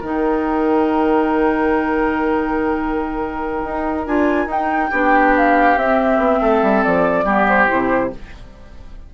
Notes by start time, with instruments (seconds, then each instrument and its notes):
0.00 bassoon D#3, clarinet D#4, oboe A#4, flute G5
3.64 bassoon D#4
4.06 bassoon D4, clarinet F4, flute G#5
4.46 bassoon D#4, clarinet D#4, flute G5
4.90 bassoon B3, clarinet D4, oboe G4
5.36 flute F5
5.76 bassoon C4, clarinet C4, flute E5
6.18 bassoon B3
6.40 bassoon A3, oboe A4
6.62 bassoon G3
6.84 bassoon F3, flute D5
7.23 bassoon G3, clarinet B3, oboe G4
7.48 flute C5
7.67 bassoon C3, clarinet E4